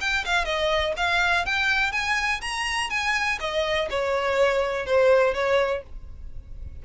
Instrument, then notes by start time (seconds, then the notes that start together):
violin
0.00 G5
0.25 F5
0.44 D#5
0.96 F5
1.45 G5
1.92 G#5
2.41 A#5
2.90 G#5
3.39 D#5
3.90 C#5
4.86 C5
5.33 C#5